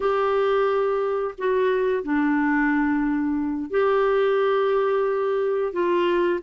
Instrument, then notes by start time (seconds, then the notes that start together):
clarinet
0.00 G4
1.38 F#4
2.03 D4
3.70 G4
5.72 F4